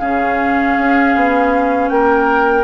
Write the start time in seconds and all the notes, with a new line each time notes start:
0.00 C#3 C#4 G#4 F5
0.78 C#4
1.16 B3
1.89 A#3 A#4 G5